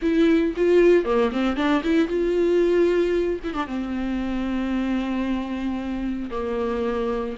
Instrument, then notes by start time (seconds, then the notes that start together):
viola
0.01 E4
0.56 F4
1.04 A#3
1.32 C4
1.56 D4
1.83 E4
2.08 F4
3.43 E4
3.53 D4
3.66 C4
6.30 A#3